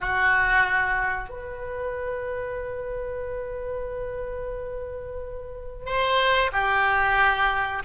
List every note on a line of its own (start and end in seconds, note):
0.01 1.29 F#4
1.29 5.85 B4
5.85 6.50 C5
6.52 7.83 G4